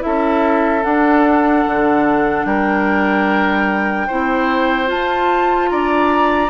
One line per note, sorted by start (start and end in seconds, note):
0.00 0.84 C#4
0.00 0.81 E4
0.00 2.46 A4
0.00 0.83 E5
0.83 4.07 D4
0.83 1.65 D4
0.83 2.45 F#5
1.66 2.45 D3
2.45 4.07 G3
2.45 4.07 A#4
2.45 4.89 G5
4.07 4.91 C4
4.07 4.86 E4
4.07 5.69 C5
4.86 6.48 F4
4.86 5.71 F4
4.86 5.69 A5
5.69 6.49 D4
5.69 6.49 D5
5.69 6.49 A#5